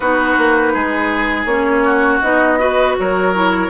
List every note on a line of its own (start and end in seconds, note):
0.00 0.36 B3
0.00 1.49 D#4
0.00 0.73 F#4
0.00 1.45 B4
0.38 0.75 A#3
0.73 1.45 G#3
0.73 1.84 G#4
1.45 2.19 A#3
1.45 2.23 C#4
1.45 2.19 C#5
1.84 2.58 F#4
2.21 2.96 B3
2.21 2.58 D#4
2.21 2.95 D#5
2.58 3.32 F#4
2.58 2.96 B4
2.97 3.70 F#3
2.97 3.70 A#4
2.97 3.70 C#5
3.34 3.70 E4